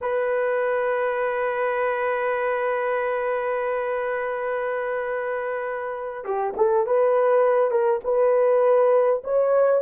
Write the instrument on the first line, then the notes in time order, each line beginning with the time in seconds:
horn
0.01 B4
6.24 G4
6.56 A4
6.86 B4
7.70 A#4
8.04 B4
9.23 C#5